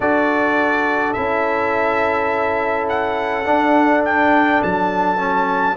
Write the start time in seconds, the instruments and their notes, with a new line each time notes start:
0.00 tuba D4, trombone F#4, horn A4, trumpet D5
1.13 tuba C#4, trombone E4, trumpet E5
2.88 trumpet F#5
3.44 trombone D4, tuba D4
4.04 trumpet G5
4.62 tuba F#3, trumpet A5
5.17 trombone C#4